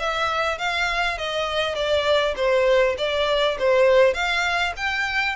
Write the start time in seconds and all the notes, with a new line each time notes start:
0.00 E5
0.59 F5
1.18 D#5
1.76 D5
2.37 C5
2.98 D5
3.59 C5
4.14 F5
4.77 G5